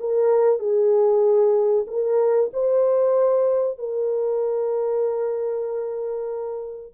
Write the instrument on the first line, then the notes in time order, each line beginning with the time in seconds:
horn
0.00 A#4
0.59 G#4
1.87 A#4
2.53 C5
3.78 A#4